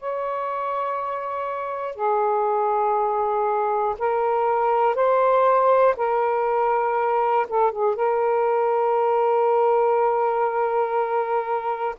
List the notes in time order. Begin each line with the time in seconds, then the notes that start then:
0.00 C#5
1.96 G#4
3.99 A#4
4.95 C5
5.97 A#4
7.49 A4
7.72 G#4
7.96 A#4